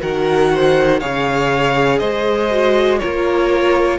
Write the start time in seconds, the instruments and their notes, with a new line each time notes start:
0.00 cello D#3, viola F#4, violin A#4 F#5
0.54 violin C5
0.99 cello C#3, viola G#4, violin C#5 F5
1.98 cello G#3, violin C5 D#5
2.50 viola F#4
2.98 cello A#3, viola F4, violin A#4 C#5